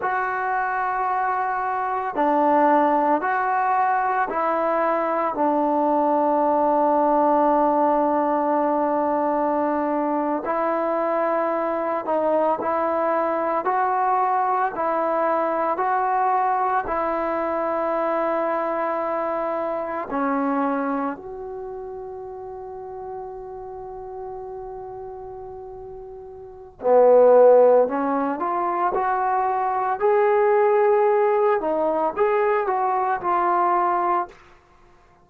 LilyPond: \new Staff \with { instrumentName = "trombone" } { \time 4/4 \tempo 4 = 56 fis'2 d'4 fis'4 | e'4 d'2.~ | d'4.~ d'16 e'4. dis'8 e'16~ | e'8. fis'4 e'4 fis'4 e'16~ |
e'2~ e'8. cis'4 fis'16~ | fis'1~ | fis'4 b4 cis'8 f'8 fis'4 | gis'4. dis'8 gis'8 fis'8 f'4 | }